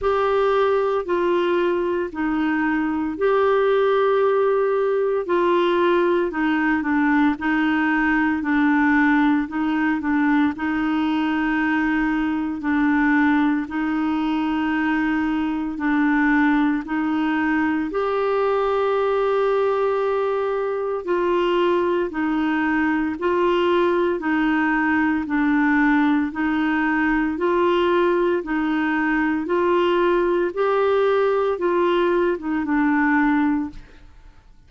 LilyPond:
\new Staff \with { instrumentName = "clarinet" } { \time 4/4 \tempo 4 = 57 g'4 f'4 dis'4 g'4~ | g'4 f'4 dis'8 d'8 dis'4 | d'4 dis'8 d'8 dis'2 | d'4 dis'2 d'4 |
dis'4 g'2. | f'4 dis'4 f'4 dis'4 | d'4 dis'4 f'4 dis'4 | f'4 g'4 f'8. dis'16 d'4 | }